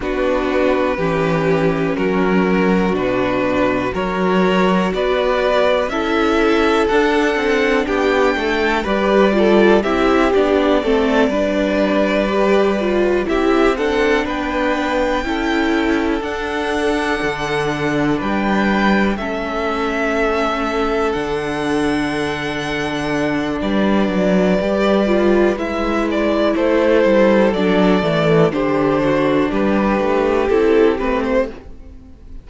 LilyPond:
<<
  \new Staff \with { instrumentName = "violin" } { \time 4/4 \tempo 4 = 61 b'2 ais'4 b'4 | cis''4 d''4 e''4 fis''4 | g''4 d''4 e''8 d''4.~ | d''4. e''8 fis''8 g''4.~ |
g''8 fis''2 g''4 e''8~ | e''4. fis''2~ fis''8 | d''2 e''8 d''8 c''4 | d''4 c''4 b'4 a'8 b'16 c''16 | }
  \new Staff \with { instrumentName = "violin" } { \time 4/4 fis'4 g'4 fis'2 | ais'4 b'4 a'2 | g'8 a'8 b'8 a'8 g'4 a'8 b'8~ | b'4. g'8 a'8 b'4 a'8~ |
a'2~ a'8 b'4 a'8~ | a'1 | b'2. a'4~ | a'4 g'8 fis'8 g'2 | }
  \new Staff \with { instrumentName = "viola" } { \time 4/4 d'4 cis'2 d'4 | fis'2 e'4 d'4~ | d'4 g'8 f'8 e'8 d'8 c'8 d'8~ | d'8 g'8 f'8 e'8 d'4. e'8~ |
e'8 d'2. cis'8~ | cis'4. d'2~ d'8~ | d'4 g'8 f'8 e'2 | d'8 a8 d'2 e'8 c'8 | }
  \new Staff \with { instrumentName = "cello" } { \time 4/4 b4 e4 fis4 b,4 | fis4 b4 cis'4 d'8 c'8 | b8 a8 g4 c'8 b8 a8 g8~ | g4. c'4 b4 cis'8~ |
cis'8 d'4 d4 g4 a8~ | a4. d2~ d8 | g8 fis8 g4 gis4 a8 g8 | fis8 e8 d4 g8 a8 c'8 a8 | }
>>